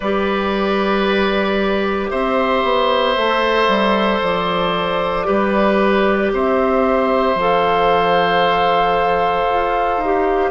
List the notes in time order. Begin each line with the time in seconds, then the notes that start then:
0.00 G3 G4 B4 D5
2.10 C4 C5 E5
2.63 B3
3.16 A3 A4
3.68 G3
4.22 F3 D5
5.25 G3 G4 B4
6.32 C4 C5 E5
7.34 F3 A4 F5
9.49 F4
9.97 D#4
10.04 G4